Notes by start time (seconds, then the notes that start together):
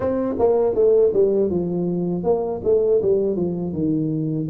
0.00 C4
0.39 A#3
0.74 A3
1.12 G3
1.50 F3
2.23 A#3
2.64 A3
3.02 G3
3.36 F3
3.73 D#3